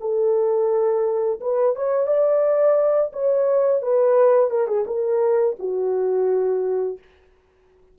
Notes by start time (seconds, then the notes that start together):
0.00 A4
1.40 B4
1.75 C#5
2.07 D5
3.12 C#5
3.82 B4
4.50 A#4
4.67 G#4
4.86 A#4
5.59 F#4